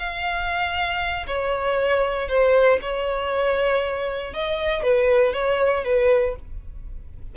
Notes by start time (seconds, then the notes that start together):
0.00 F5
1.27 C#5
2.29 C5
2.82 C#5
4.34 D#5
4.84 B4
5.34 C#5
5.85 B4